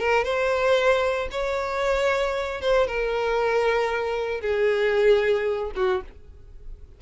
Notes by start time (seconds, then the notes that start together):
0.00 A#4
0.24 C5
1.31 C#5
2.61 C5
2.87 A#4
4.41 G#4
5.76 F#4